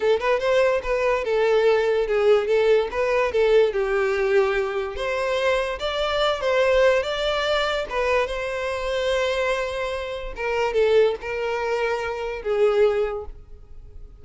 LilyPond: \new Staff \with { instrumentName = "violin" } { \time 4/4 \tempo 4 = 145 a'8 b'8 c''4 b'4 a'4~ | a'4 gis'4 a'4 b'4 | a'4 g'2. | c''2 d''4. c''8~ |
c''4 d''2 b'4 | c''1~ | c''4 ais'4 a'4 ais'4~ | ais'2 gis'2 | }